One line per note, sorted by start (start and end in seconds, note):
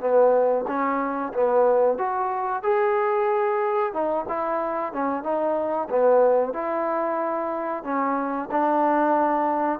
0.00 0.65 B3
0.67 1.33 C#4
1.34 1.98 B3
1.98 2.63 F#4
2.63 3.93 G#4
3.93 4.26 D#4
4.28 4.93 E4
4.93 5.23 C#4
5.23 5.88 D#4
5.90 6.53 B3
6.53 7.83 E4
7.84 8.49 C#4
8.51 9.80 D4